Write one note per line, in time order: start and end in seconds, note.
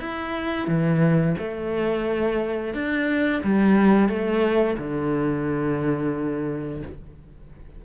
0.00 0.68 E4
0.68 1.36 E3
1.38 2.74 A3
2.74 3.42 D4
3.43 4.09 G3
4.09 4.77 A3
4.78 6.82 D3